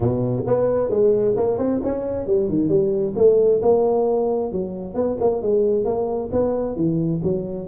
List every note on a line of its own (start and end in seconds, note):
0.00 0.44 B2
0.46 0.90 B3
0.90 1.35 G#3
1.36 1.58 A#3
1.58 1.80 C4
1.83 2.26 C#4
2.26 2.49 G3
2.49 2.68 D#3
2.68 3.14 G3
3.16 3.61 A3
3.62 4.52 A#3
4.52 4.94 F#3
4.94 5.17 B3
5.20 5.42 A#3
5.42 5.84 G#3
5.84 6.30 A#3
6.32 6.75 B3
6.75 7.21 E3
7.23 7.67 F#3